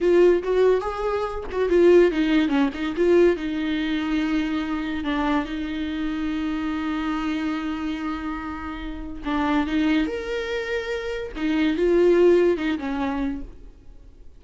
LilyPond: \new Staff \with { instrumentName = "viola" } { \time 4/4 \tempo 4 = 143 f'4 fis'4 gis'4. fis'8 | f'4 dis'4 cis'8 dis'8 f'4 | dis'1 | d'4 dis'2.~ |
dis'1~ | dis'2 d'4 dis'4 | ais'2. dis'4 | f'2 dis'8 cis'4. | }